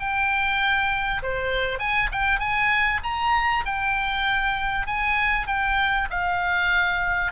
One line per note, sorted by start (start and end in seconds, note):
0.00 1.22 G5
1.23 1.79 C5
1.79 2.10 G#5
2.12 2.40 G5
2.40 3.01 G#5
3.04 3.65 A#5
3.66 4.87 G5
4.87 5.48 G#5
5.48 6.09 G5
6.11 7.32 F5